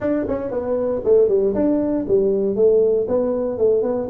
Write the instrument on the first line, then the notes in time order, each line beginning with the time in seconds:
tuba
0.00 D4
0.28 C#4
0.50 B3
1.04 A3
1.28 G3
1.54 D4
2.08 G3
2.55 A3
3.08 B3
3.58 A3
3.82 B3